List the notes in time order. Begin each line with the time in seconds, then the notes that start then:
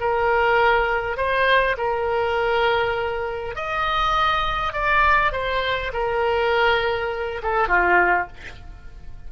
0.00 A#4
1.17 C5
1.77 A#4
3.55 D#5
4.73 D5
5.32 C5
5.93 A#4
7.43 A4
7.68 F4